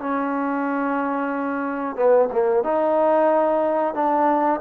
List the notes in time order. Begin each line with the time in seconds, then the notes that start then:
0.00 C#4
1.96 B3
2.33 A#3
2.64 D#4
3.95 D4